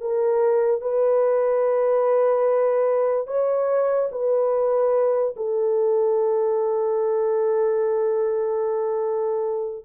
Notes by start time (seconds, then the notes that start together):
0.00 A#4
0.81 B4
3.27 C#5
4.11 B4
5.36 A4